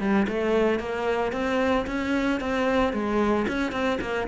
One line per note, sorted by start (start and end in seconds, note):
0.00 0.27 G3
0.28 0.80 A3
0.80 1.32 A#3
1.32 1.86 C4
1.87 2.40 C#4
2.40 2.93 C4
2.93 3.46 G#3
3.48 3.72 C#4
3.72 3.99 C4
4.01 4.28 A#3